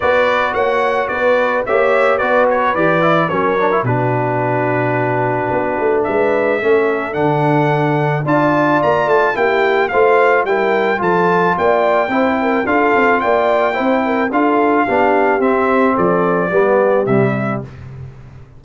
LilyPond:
<<
  \new Staff \with { instrumentName = "trumpet" } { \time 4/4 \tempo 4 = 109 d''4 fis''4 d''4 e''4 | d''8 cis''8 d''4 cis''4 b'4~ | b'2. e''4~ | e''4 fis''2 a''4 |
ais''8 a''8 g''4 f''4 g''4 | a''4 g''2 f''4 | g''2 f''2 | e''4 d''2 e''4 | }
  \new Staff \with { instrumentName = "horn" } { \time 4/4 b'4 cis''4 b'4 cis''4 | b'2 ais'4 fis'4~ | fis'2. b'4 | a'2. d''4~ |
d''4 g'4 c''4 ais'4 | a'4 d''4 c''8 ais'8 a'4 | d''4 c''8 ais'8 a'4 g'4~ | g'4 a'4 g'2 | }
  \new Staff \with { instrumentName = "trombone" } { \time 4/4 fis'2. g'4 | fis'4 g'8 e'8 cis'8 d'16 e'16 d'4~ | d'1 | cis'4 d'2 f'4~ |
f'4 e'4 f'4 e'4 | f'2 e'4 f'4~ | f'4 e'4 f'4 d'4 | c'2 b4 g4 | }
  \new Staff \with { instrumentName = "tuba" } { \time 4/4 b4 ais4 b4 ais4 | b4 e4 fis4 b,4~ | b,2 b8 a8 gis4 | a4 d2 d'4 |
ais8 a8 ais4 a4 g4 | f4 ais4 c'4 d'8 c'8 | ais4 c'4 d'4 b4 | c'4 f4 g4 c4 | }
>>